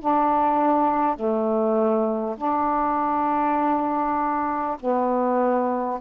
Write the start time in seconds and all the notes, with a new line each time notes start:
0.00 D4
1.16 A3
2.37 D4
4.80 B3